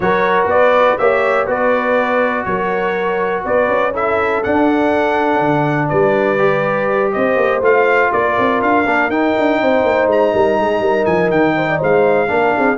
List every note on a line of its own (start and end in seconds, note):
0.00 0.45 F#3
0.00 0.99 F#4
0.00 0.51 A#4
0.00 0.47 C#5
0.45 0.94 B3
0.45 0.99 B4
0.45 0.98 D5
0.98 1.47 A#3
0.98 1.47 G4
0.98 1.46 C#5
0.98 1.47 E5
1.46 2.45 B3
1.46 3.92 F#4
1.46 2.44 B4
1.46 2.45 D5
2.45 3.44 F#3
2.45 3.44 A#4
2.45 3.43 C#5
3.44 3.67 B3
3.44 3.93 B4
3.44 3.94 D5
3.67 4.41 C#4
3.93 4.42 E4
3.93 5.89 A4
3.93 4.43 E5
4.43 6.38 D4
4.43 5.40 D4
4.43 5.88 F#5
5.40 5.89 D3
5.88 7.15 G3
5.88 7.12 B4
5.88 7.11 D5
6.38 7.61 G4
7.12 7.36 C4
7.12 8.10 C5
7.12 7.61 D#5
7.36 7.60 A#3
7.60 8.10 A3
7.60 8.84 F4
7.60 8.12 F5
8.12 8.37 A#3
8.12 9.60 A#4
8.12 8.61 D5
8.38 8.62 C4
8.62 8.86 D4
8.62 9.10 F5
8.86 9.09 A#3
8.86 9.10 D4
9.09 9.33 D#4
9.09 12.27 D#4
9.09 10.08 G5
9.38 9.61 D4
9.60 9.83 C4
9.60 10.33 C5
9.83 10.06 A#3
10.06 10.31 G#3
10.06 11.05 A#5
10.33 10.58 G3
10.33 10.58 A#4
10.58 10.79 G#3
10.58 10.81 G#4
10.79 11.04 G3
10.79 11.55 A#4
11.05 11.31 F3
11.05 11.30 G#5
11.30 11.80 D#3
11.30 11.80 G5
11.55 11.68 C5
11.68 11.78 D5
11.78 12.29 G#3
11.78 12.27 C5
11.78 12.77 F5
12.27 12.54 A#3
12.27 12.76 D4
12.27 12.55 A#4
12.55 12.77 C4
12.55 12.77 G#4